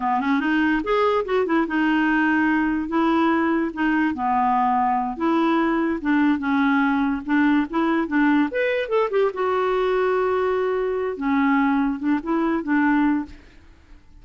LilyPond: \new Staff \with { instrumentName = "clarinet" } { \time 4/4 \tempo 4 = 145 b8 cis'8 dis'4 gis'4 fis'8 e'8 | dis'2. e'4~ | e'4 dis'4 b2~ | b8 e'2 d'4 cis'8~ |
cis'4. d'4 e'4 d'8~ | d'8 b'4 a'8 g'8 fis'4.~ | fis'2. cis'4~ | cis'4 d'8 e'4 d'4. | }